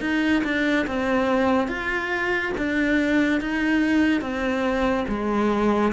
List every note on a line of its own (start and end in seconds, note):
0.00 0.42 D#4
0.43 0.86 D4
0.86 1.68 C4
1.68 2.52 F4
2.57 3.41 D4
3.41 4.21 D#4
4.21 5.05 C4
5.07 5.92 G#3